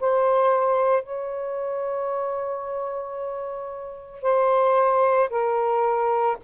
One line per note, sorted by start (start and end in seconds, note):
0.00 1.03 C5
1.03 4.22 C#5
4.22 5.29 C5
5.30 6.37 A#4